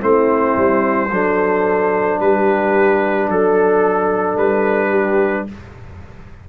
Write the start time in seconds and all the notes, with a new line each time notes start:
0.00 A3 C4 E4 C5
0.57 G3
1.11 F#3 D4 A4
2.20 G3 G4 B4
3.29 F#3 A4
4.37 G3 B4
4.90 G4